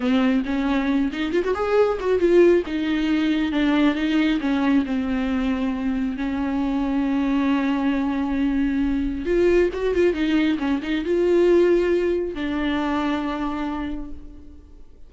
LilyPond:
\new Staff \with { instrumentName = "viola" } { \time 4/4 \tempo 4 = 136 c'4 cis'4. dis'8 f'16 fis'16 gis'8~ | gis'8 fis'8 f'4 dis'2 | d'4 dis'4 cis'4 c'4~ | c'2 cis'2~ |
cis'1~ | cis'4 f'4 fis'8 f'8 dis'4 | cis'8 dis'8 f'2. | d'1 | }